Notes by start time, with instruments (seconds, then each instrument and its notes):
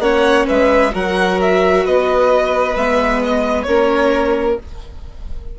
0.00 bassoon A#3, viola C#4, violin C#5 F#5
0.47 bassoon G#3, violin B4 E5
0.91 bassoon F#3, viola F#4, violin A#4 F#5
1.42 violin E5
1.85 bassoon B3, violin B4 D#5
2.76 bassoon G#3, viola B3, violin E5
3.24 violin D#5
3.63 bassoon A#3, viola C#4, violin A#4 C#5